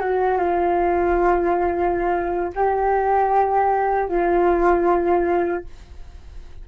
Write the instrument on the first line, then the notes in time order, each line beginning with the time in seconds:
flute
0.00 F#4
0.38 F4
2.55 G4
4.08 F4